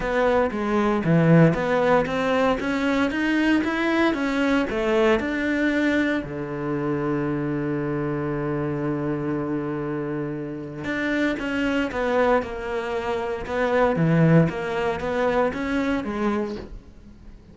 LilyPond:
\new Staff \with { instrumentName = "cello" } { \time 4/4 \tempo 4 = 116 b4 gis4 e4 b4 | c'4 cis'4 dis'4 e'4 | cis'4 a4 d'2 | d1~ |
d1~ | d4 d'4 cis'4 b4 | ais2 b4 e4 | ais4 b4 cis'4 gis4 | }